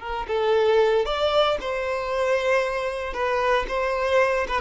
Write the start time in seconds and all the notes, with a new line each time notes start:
0.00 A#4
0.27 A4
1.05 D5
1.60 C5
3.13 B4
3.68 C5
4.48 B4